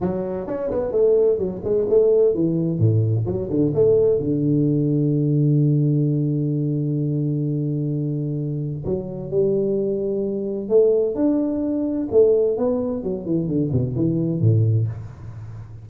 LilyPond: \new Staff \with { instrumentName = "tuba" } { \time 4/4 \tempo 4 = 129 fis4 cis'8 b8 a4 fis8 gis8 | a4 e4 a,4 fis8 d8 | a4 d2.~ | d1~ |
d2. fis4 | g2. a4 | d'2 a4 b4 | fis8 e8 d8 b,8 e4 a,4 | }